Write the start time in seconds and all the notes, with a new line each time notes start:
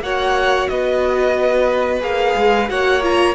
0.00 A#3 F#4 C#5 F#5
0.68 B3 B4 D#5
2.00 A#3 G#4 F5
2.36 G#3
2.68 A#3 F#4 C#5 F#5
3.02 F4 A#5